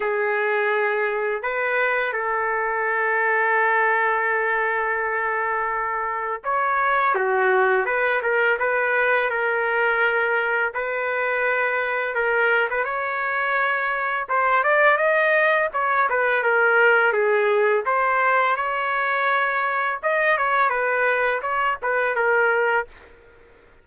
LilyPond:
\new Staff \with { instrumentName = "trumpet" } { \time 4/4 \tempo 4 = 84 gis'2 b'4 a'4~ | a'1~ | a'4 cis''4 fis'4 b'8 ais'8 | b'4 ais'2 b'4~ |
b'4 ais'8. b'16 cis''2 | c''8 d''8 dis''4 cis''8 b'8 ais'4 | gis'4 c''4 cis''2 | dis''8 cis''8 b'4 cis''8 b'8 ais'4 | }